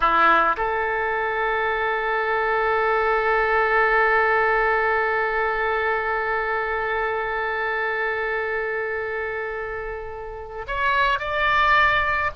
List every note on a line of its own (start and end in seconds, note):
0.00 0.56 E4
0.56 10.66 A4
10.67 11.19 C#5
11.19 12.31 D5